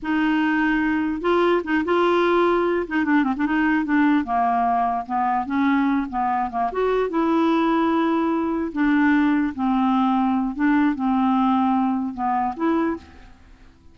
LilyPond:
\new Staff \with { instrumentName = "clarinet" } { \time 4/4 \tempo 4 = 148 dis'2. f'4 | dis'8 f'2~ f'8 dis'8 d'8 | c'16 d'16 dis'4 d'4 ais4.~ | ais8 b4 cis'4. b4 |
ais8 fis'4 e'2~ e'8~ | e'4. d'2 c'8~ | c'2 d'4 c'4~ | c'2 b4 e'4 | }